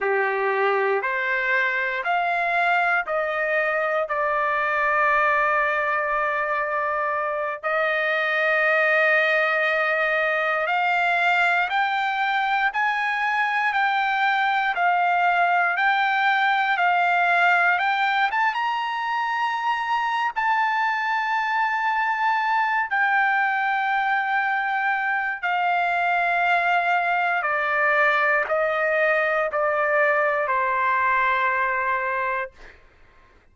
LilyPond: \new Staff \with { instrumentName = "trumpet" } { \time 4/4 \tempo 4 = 59 g'4 c''4 f''4 dis''4 | d''2.~ d''8 dis''8~ | dis''2~ dis''8 f''4 g''8~ | g''8 gis''4 g''4 f''4 g''8~ |
g''8 f''4 g''8 a''16 ais''4.~ ais''16 | a''2~ a''8 g''4.~ | g''4 f''2 d''4 | dis''4 d''4 c''2 | }